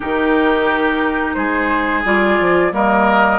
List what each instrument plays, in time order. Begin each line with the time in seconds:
0.00 bassoon D#3, clarinet D#4, oboe G4, flute A#4
1.34 bassoon G#3, oboe G#4, flute C5
2.05 bassoon G3, clarinet F4, flute D5
2.39 bassoon F3
2.71 bassoon G3, clarinet A#3, oboe A#4, flute D#5